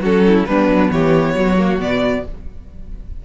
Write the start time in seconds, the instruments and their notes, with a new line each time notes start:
0.00 cello F#3, viola C#4, violin F#4 A4
0.27 violin E4
0.46 cello G3, viola B3, violin D4 B4
0.69 cello F#3
0.92 cello E3, violin G4 C#5
1.35 cello F#3, violin F#4
1.59 viola A#3
1.79 cello B2, viola B3, violin D5